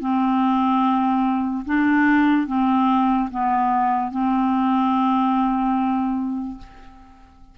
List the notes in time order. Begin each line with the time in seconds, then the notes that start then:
0.00 C4
1.65 D4
2.47 C4
3.30 B3
4.11 C4